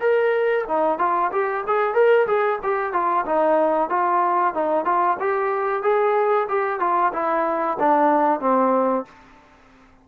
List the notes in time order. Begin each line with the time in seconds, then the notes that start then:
0.00 A#4
0.68 D#4
0.99 F4
1.32 G4
1.67 G#4
1.94 A#4
2.27 G#4
2.63 G4
2.93 F4
3.26 D#4
3.89 F4
4.54 D#4
4.85 F4
5.20 G4
5.83 G#4
6.49 G4
6.80 F4
7.13 E4
7.79 D4
8.40 C4